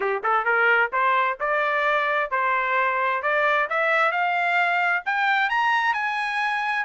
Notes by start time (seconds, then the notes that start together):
0.00 G4
0.23 A4
0.44 A#4
0.92 C5
1.40 D5
2.30 C5
3.22 D5
3.69 E5
4.11 F5
5.05 G5
5.49 A#5
5.93 G#5